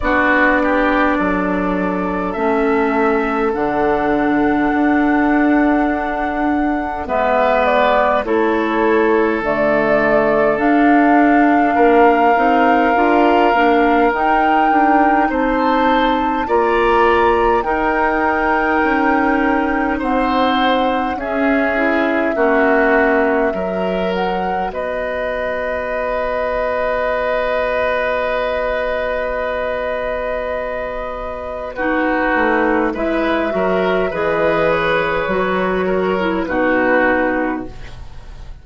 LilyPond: <<
  \new Staff \with { instrumentName = "flute" } { \time 4/4 \tempo 4 = 51 d''2 e''4 fis''4~ | fis''2 e''8 d''8 cis''4 | d''4 f''2. | g''4 a''4 ais''4 g''4~ |
g''4 fis''4 e''2~ | e''8 fis''8 dis''2.~ | dis''2. b'4 | e''4 dis''8 cis''4. b'4 | }
  \new Staff \with { instrumentName = "oboe" } { \time 4/4 fis'8 g'8 a'2.~ | a'2 b'4 a'4~ | a'2 ais'2~ | ais'4 c''4 d''4 ais'4~ |
ais'4 c''4 gis'4 fis'4 | ais'4 b'2.~ | b'2. fis'4 | b'8 ais'8 b'4. ais'8 fis'4 | }
  \new Staff \with { instrumentName = "clarinet" } { \time 4/4 d'2 cis'4 d'4~ | d'2 b4 e'4 | a4 d'4. dis'8 f'8 d'8 | dis'2 f'4 dis'4~ |
dis'2 cis'8 e'8 cis'4 | fis'1~ | fis'2. dis'4 | e'8 fis'8 gis'4 fis'8. e'16 dis'4 | }
  \new Staff \with { instrumentName = "bassoon" } { \time 4/4 b4 fis4 a4 d4 | d'2 gis4 a4 | d4 d'4 ais8 c'8 d'8 ais8 | dis'8 d'8 c'4 ais4 dis'4 |
cis'4 c'4 cis'4 ais4 | fis4 b2.~ | b2.~ b8 a8 | gis8 fis8 e4 fis4 b,4 | }
>>